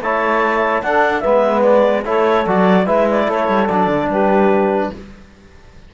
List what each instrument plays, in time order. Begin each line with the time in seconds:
0.00 cello A3, trombone E4, saxophone C#5, clarinet A5
0.82 cello D4, trombone D4, saxophone A4, clarinet F#5
1.20 cello G#3, trombone B3, saxophone B4, clarinet E5
1.61 clarinet D5
2.04 cello A3, trombone E4, saxophone A4, clarinet C#5
2.47 cello F#3, trombone F#4, clarinet D5
2.84 cello G#3, trombone E4, saxophone B4, clarinet E5
3.10 clarinet D5
3.26 cello A3, saxophone A4, clarinet C#5
3.48 cello G3
3.67 cello F#3, trombone D4, clarinet D5
3.87 cello D3
4.08 cello G3, saxophone G4, clarinet B4